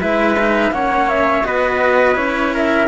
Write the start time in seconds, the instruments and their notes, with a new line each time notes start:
0.00 cello G#3 E4, trumpet B4, flute E5
0.39 cello D#4
0.70 cello A#3 C#4, trumpet C#5, flute F#5
1.08 flute E5
1.44 cello B3 F#4, trumpet B4, flute D#5
2.15 cello C#4 E4, flute C#5
2.53 trumpet A#4, flute E5